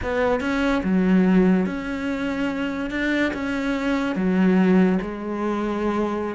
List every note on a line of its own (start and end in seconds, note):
0.02 0.40 B3
0.40 0.82 C#4
0.83 1.66 F#3
1.66 2.90 C#4
2.90 3.32 D4
3.33 4.15 C#4
4.15 4.98 F#3
5.01 6.35 G#3